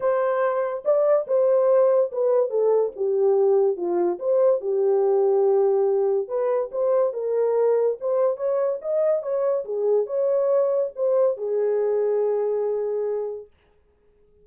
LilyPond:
\new Staff \with { instrumentName = "horn" } { \time 4/4 \tempo 4 = 143 c''2 d''4 c''4~ | c''4 b'4 a'4 g'4~ | g'4 f'4 c''4 g'4~ | g'2. b'4 |
c''4 ais'2 c''4 | cis''4 dis''4 cis''4 gis'4 | cis''2 c''4 gis'4~ | gis'1 | }